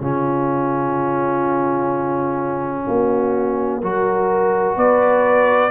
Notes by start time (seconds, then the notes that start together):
0.00 C#3 C#4 F4 C#5
2.86 A#3 F#4
3.80 F#3 F#4 A#4
4.76 B3 B4 D5